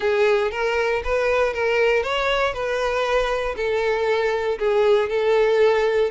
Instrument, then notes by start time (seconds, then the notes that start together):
violin
0.00 G#4
0.51 A#4
1.04 B4
1.53 A#4
2.03 C#5
2.53 B4
3.56 A4
4.58 G#4
5.09 A4